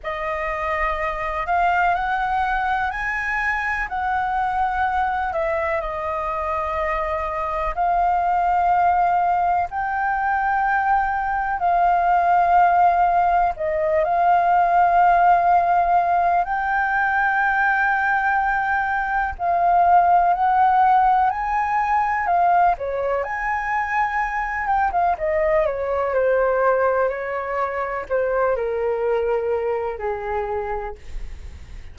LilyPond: \new Staff \with { instrumentName = "flute" } { \time 4/4 \tempo 4 = 62 dis''4. f''8 fis''4 gis''4 | fis''4. e''8 dis''2 | f''2 g''2 | f''2 dis''8 f''4.~ |
f''4 g''2. | f''4 fis''4 gis''4 f''8 cis''8 | gis''4. g''16 f''16 dis''8 cis''8 c''4 | cis''4 c''8 ais'4. gis'4 | }